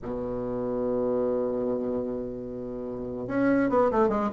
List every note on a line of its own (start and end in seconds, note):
0.02 3.27 B2
3.27 3.69 C#4
3.69 3.90 B3
3.91 4.08 A3
4.08 4.29 G#3